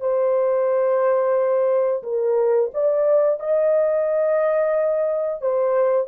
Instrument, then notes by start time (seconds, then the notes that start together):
horn
0.00 C5
2.03 A#4
2.74 D5
3.40 D#5
5.41 C5